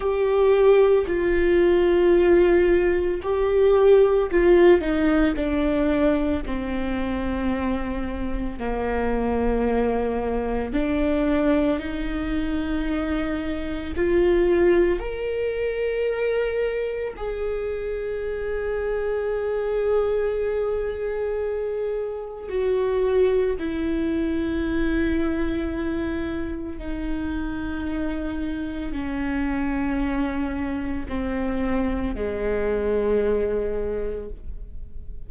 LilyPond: \new Staff \with { instrumentName = "viola" } { \time 4/4 \tempo 4 = 56 g'4 f'2 g'4 | f'8 dis'8 d'4 c'2 | ais2 d'4 dis'4~ | dis'4 f'4 ais'2 |
gis'1~ | gis'4 fis'4 e'2~ | e'4 dis'2 cis'4~ | cis'4 c'4 gis2 | }